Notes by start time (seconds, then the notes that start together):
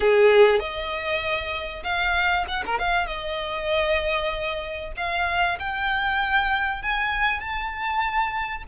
0.00 G#4
0.59 D#5
1.83 F5
2.47 F#5
2.66 A#4
2.78 F5
3.06 D#5
4.96 F5
5.59 G5
6.82 G#5
7.39 A5